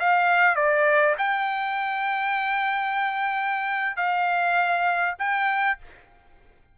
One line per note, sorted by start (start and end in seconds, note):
0.00 0.56 F5
0.56 1.16 D5
1.19 3.97 G5
3.97 5.15 F5
5.19 5.79 G5